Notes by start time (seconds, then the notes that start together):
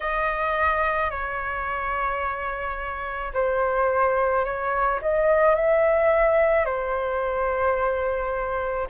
0.00 D#5
1.10 C#5
3.33 C5
4.44 C#5
5.01 D#5
5.55 E5
6.65 C5